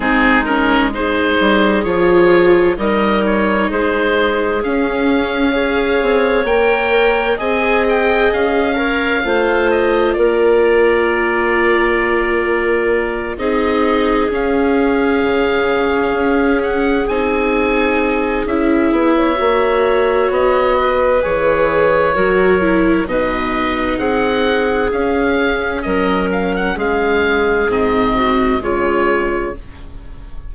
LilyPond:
<<
  \new Staff \with { instrumentName = "oboe" } { \time 4/4 \tempo 4 = 65 gis'8 ais'8 c''4 cis''4 dis''8 cis''8 | c''4 f''2 g''4 | gis''8 g''8 f''4. dis''8 d''4~ | d''2~ d''8 dis''4 f''8~ |
f''2 fis''8 gis''4. | e''2 dis''4 cis''4~ | cis''4 dis''4 fis''4 f''4 | dis''8 f''16 fis''16 f''4 dis''4 cis''4 | }
  \new Staff \with { instrumentName = "clarinet" } { \time 4/4 dis'4 gis'2 ais'4 | gis'2 cis''2 | dis''4. cis''8 c''4 ais'4~ | ais'2~ ais'8 gis'4.~ |
gis'1~ | gis'8. cis''4.~ cis''16 b'4. | ais'4 b'4 gis'2 | ais'4 gis'4. fis'8 f'4 | }
  \new Staff \with { instrumentName = "viola" } { \time 4/4 c'8 cis'8 dis'4 f'4 dis'4~ | dis'4 cis'4 gis'4 ais'4 | gis'4. ais'8 f'2~ | f'2~ f'8 dis'4 cis'8~ |
cis'2~ cis'8 dis'4. | e'4 fis'2 gis'4 | fis'8 e'8 dis'2 cis'4~ | cis'2 c'4 gis4 | }
  \new Staff \with { instrumentName = "bassoon" } { \time 4/4 gis4. g8 f4 g4 | gis4 cis'4. c'8 ais4 | c'4 cis'4 a4 ais4~ | ais2~ ais8 c'4 cis'8~ |
cis'8 cis4 cis'4 c'4. | cis'8 b8 ais4 b4 e4 | fis4 b,4 c'4 cis'4 | fis4 gis4 gis,4 cis4 | }
>>